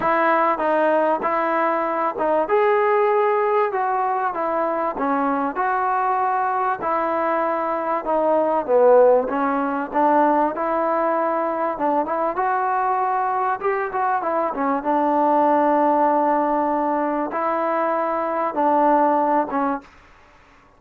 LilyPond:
\new Staff \with { instrumentName = "trombone" } { \time 4/4 \tempo 4 = 97 e'4 dis'4 e'4. dis'8 | gis'2 fis'4 e'4 | cis'4 fis'2 e'4~ | e'4 dis'4 b4 cis'4 |
d'4 e'2 d'8 e'8 | fis'2 g'8 fis'8 e'8 cis'8 | d'1 | e'2 d'4. cis'8 | }